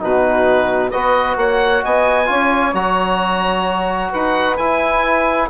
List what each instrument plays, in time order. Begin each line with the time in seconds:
0.00 bassoon B2, trombone D#4, saxophone F#4, oboe B4
0.90 bassoon B3, trombone F#4, saxophone B4, oboe D#5
1.36 bassoon A#3, saxophone C#5, oboe F#5
1.83 bassoon B3, saxophone D#5, oboe G#5
2.25 bassoon C#4, trombone F4, saxophone C#5
2.73 bassoon F#3, trombone F#4, oboe A#5
4.10 bassoon D#4, saxophone B4, oboe F#5
4.56 trombone E4, bassoon E4, oboe G#5